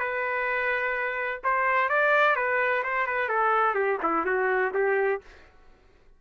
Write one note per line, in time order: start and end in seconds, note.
0.00 1.42 B4
1.44 1.90 C5
1.90 2.36 D5
2.36 2.84 B4
2.84 3.07 C5
3.07 3.29 B4
3.29 3.75 A4
3.75 3.99 G4
4.03 4.26 E4
4.26 4.73 F#4
4.74 5.22 G4